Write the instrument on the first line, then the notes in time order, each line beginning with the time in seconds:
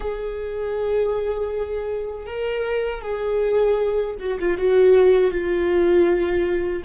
viola
0.00 G#4
2.26 A#4
3.01 G#4
4.19 F#4
4.39 F4
4.57 F#4
5.31 F4